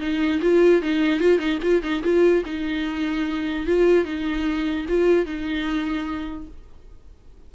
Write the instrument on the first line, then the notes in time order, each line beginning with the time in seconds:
viola
0.00 D#4
0.42 F4
0.82 D#4
1.20 F4
1.39 D#4
1.63 F4
1.83 D#4
2.03 F4
2.45 D#4
3.67 F4
4.05 D#4
4.89 F4
5.26 D#4